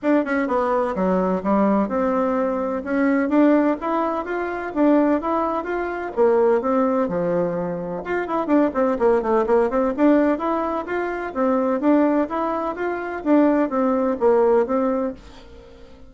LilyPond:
\new Staff \with { instrumentName = "bassoon" } { \time 4/4 \tempo 4 = 127 d'8 cis'8 b4 fis4 g4 | c'2 cis'4 d'4 | e'4 f'4 d'4 e'4 | f'4 ais4 c'4 f4~ |
f4 f'8 e'8 d'8 c'8 ais8 a8 | ais8 c'8 d'4 e'4 f'4 | c'4 d'4 e'4 f'4 | d'4 c'4 ais4 c'4 | }